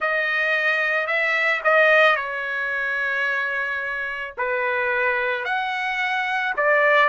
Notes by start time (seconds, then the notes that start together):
0.00 D#5
1.06 E5
1.64 D#5
2.16 C#5
4.37 B4
5.44 F#5
6.57 D5